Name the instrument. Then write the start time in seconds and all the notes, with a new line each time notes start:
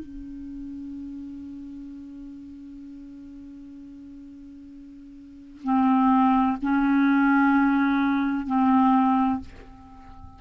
clarinet
0.00 C#4
5.64 C4
6.62 C#4
8.47 C4